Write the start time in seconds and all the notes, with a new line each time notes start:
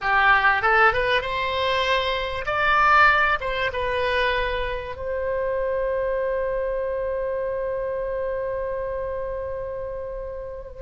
0.01 G4
0.62 A4
0.93 B4
1.21 C5
2.46 D5
3.40 C5
3.73 B4
4.96 C5